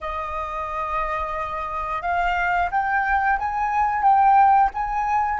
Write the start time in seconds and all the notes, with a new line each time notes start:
0.00 D#5
2.02 F5
2.71 G5
3.38 G#5
4.02 G5
4.73 G#5